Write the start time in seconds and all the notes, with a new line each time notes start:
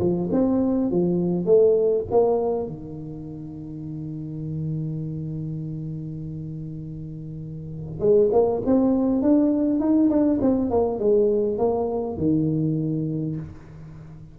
0.00 F3
0.32 C4
0.91 F3
1.46 A3
2.11 A#3
2.67 D#3
8.00 G#3
8.32 A#3
8.66 C4
9.22 D4
9.80 D#4
10.10 D4
10.41 C4
10.71 A#3
11.00 G#3
11.58 A#3
12.17 D#3